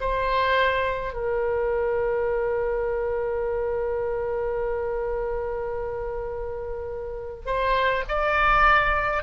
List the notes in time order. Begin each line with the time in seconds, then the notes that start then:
0.00 C5
1.13 A#4
7.46 C5
8.08 D5